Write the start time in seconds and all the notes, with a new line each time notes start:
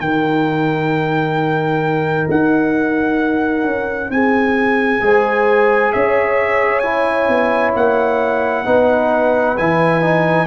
0.00 D#3 D#4 A#4 G5
2.30 D#4 F#5
3.64 C#4
4.09 C4 G#4 G#5
5.01 G#3 G#4 C5
5.93 C#4 C#5 E5
6.80 E4 G#5
7.28 B3
7.74 A#3 F#5
8.65 B3 D#4 B4
9.57 E3 E4 G#5
10.02 D#4